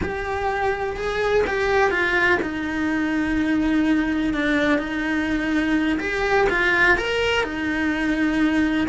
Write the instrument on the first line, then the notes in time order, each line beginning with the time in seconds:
cello
0.02 G4
0.96 G#4
1.46 G4
1.90 F4
2.42 D#4
4.33 D4
4.78 D#4
5.99 G4
6.49 F4
6.97 A#4
7.43 D#4